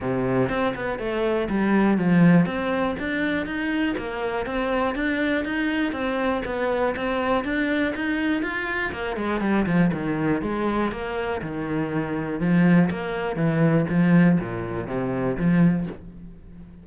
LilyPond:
\new Staff \with { instrumentName = "cello" } { \time 4/4 \tempo 4 = 121 c4 c'8 b8 a4 g4 | f4 c'4 d'4 dis'4 | ais4 c'4 d'4 dis'4 | c'4 b4 c'4 d'4 |
dis'4 f'4 ais8 gis8 g8 f8 | dis4 gis4 ais4 dis4~ | dis4 f4 ais4 e4 | f4 ais,4 c4 f4 | }